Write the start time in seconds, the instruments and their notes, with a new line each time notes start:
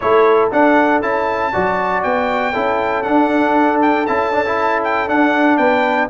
0.00 tuba A3, trombone E4, horn A4, trumpet C#5
0.51 trombone D4, tuba D4, trumpet F#5
1.02 tuba C#4, trombone E4, trumpet A5
1.52 tuba F#3, trombone F#4, horn D5
2.02 tuba B3, trumpet G5
2.53 tuba C#4, trombone E4, horn A4
3.02 trombone D4, tuba D4, trumpet F#5
3.81 trumpet G5
4.06 tuba C#4, trombone E4, trumpet A5
4.32 trombone D4
4.46 trombone E4
4.83 trumpet G5
5.07 trombone D4, tuba D4, trumpet F#5
5.57 tuba B3, horn B4, trumpet G5